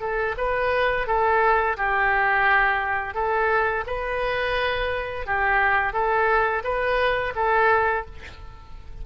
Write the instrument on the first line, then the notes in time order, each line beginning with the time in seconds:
oboe
0.00 A4
0.37 B4
1.07 A4
1.77 G4
3.14 A4
3.87 B4
5.26 G4
5.93 A4
6.64 B4
7.35 A4